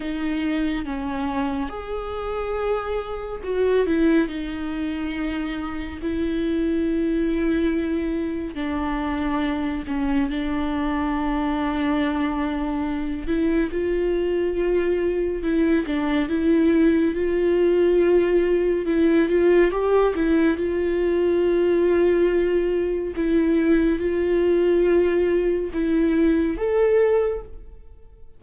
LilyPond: \new Staff \with { instrumentName = "viola" } { \time 4/4 \tempo 4 = 70 dis'4 cis'4 gis'2 | fis'8 e'8 dis'2 e'4~ | e'2 d'4. cis'8 | d'2.~ d'8 e'8 |
f'2 e'8 d'8 e'4 | f'2 e'8 f'8 g'8 e'8 | f'2. e'4 | f'2 e'4 a'4 | }